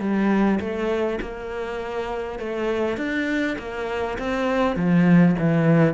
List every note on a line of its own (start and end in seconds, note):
0.00 0.59 G3
0.60 1.20 A3
1.21 2.40 A#3
2.40 2.98 A3
2.98 3.57 D4
3.59 4.18 A#3
4.19 4.76 C4
4.76 5.35 F3
5.39 5.94 E3